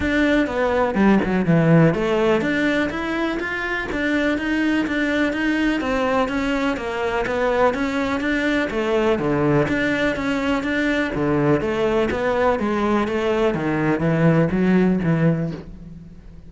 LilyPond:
\new Staff \with { instrumentName = "cello" } { \time 4/4 \tempo 4 = 124 d'4 b4 g8 fis8 e4 | a4 d'4 e'4 f'4 | d'4 dis'4 d'4 dis'4 | c'4 cis'4 ais4 b4 |
cis'4 d'4 a4 d4 | d'4 cis'4 d'4 d4 | a4 b4 gis4 a4 | dis4 e4 fis4 e4 | }